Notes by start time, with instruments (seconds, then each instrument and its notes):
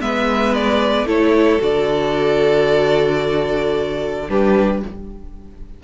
0.00 cello G#3, viola B3, violin B4 E5
0.55 violin D5
1.05 cello A3, viola E4, violin A4 C#5
1.60 cello D3, viola F#4, violin D5
4.29 cello G3, viola D4, violin G4 B4